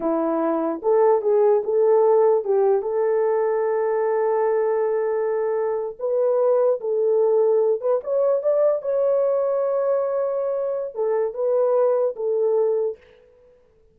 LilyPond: \new Staff \with { instrumentName = "horn" } { \time 4/4 \tempo 4 = 148 e'2 a'4 gis'4 | a'2 g'4 a'4~ | a'1~ | a'2~ a'8. b'4~ b'16~ |
b'8. a'2~ a'8 b'8 cis''16~ | cis''8. d''4 cis''2~ cis''16~ | cis''2. a'4 | b'2 a'2 | }